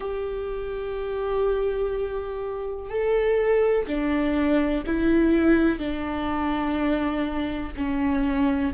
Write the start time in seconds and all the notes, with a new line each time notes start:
0.00 G4
2.89 A4
3.87 D4
4.86 E4
5.78 D4
7.76 C#4